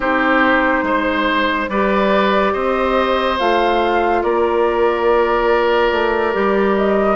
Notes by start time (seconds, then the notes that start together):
0.00 C4 D#4 G4 C5
0.82 G#3 C5
1.68 G3 G4 B4 D5
2.53 C4 C5 D#5
3.38 A3 F4 F5
4.22 A#3 A#4 D5
5.92 A3
6.33 G3 G4
6.76 D#5